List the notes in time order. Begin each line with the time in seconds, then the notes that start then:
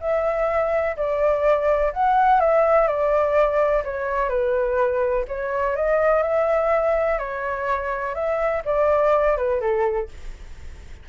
0.00 E5
0.96 D5
1.93 F#5
2.40 E5
2.87 D5
3.84 C#5
4.29 B4
5.27 C#5
5.76 D#5
6.22 E5
7.18 C#5
8.14 E5
8.65 D5
9.37 B4
9.60 A4